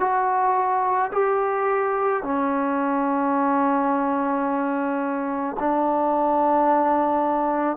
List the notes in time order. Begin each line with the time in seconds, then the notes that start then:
0.00 F#4
1.12 G4
2.23 C#4
5.60 D4